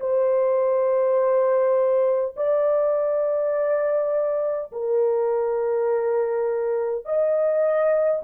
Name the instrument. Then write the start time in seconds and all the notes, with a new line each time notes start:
horn
0.00 C5
2.36 D5
4.72 A#4
7.05 D#5